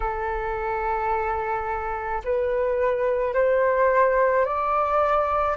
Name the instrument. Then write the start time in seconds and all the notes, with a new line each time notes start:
flute
0.00 A4
2.24 B4
3.33 C5
4.45 D5